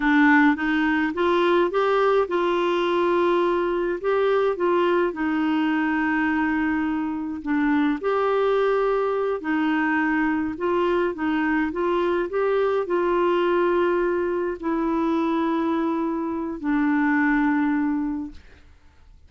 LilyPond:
\new Staff \with { instrumentName = "clarinet" } { \time 4/4 \tempo 4 = 105 d'4 dis'4 f'4 g'4 | f'2. g'4 | f'4 dis'2.~ | dis'4 d'4 g'2~ |
g'8 dis'2 f'4 dis'8~ | dis'8 f'4 g'4 f'4.~ | f'4. e'2~ e'8~ | e'4 d'2. | }